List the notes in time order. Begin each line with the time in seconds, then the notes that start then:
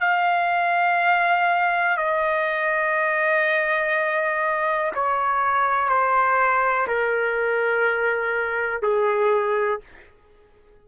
0.00 F5
1.97 D#5
4.94 C#5
5.89 C5
6.87 A#4
8.82 G#4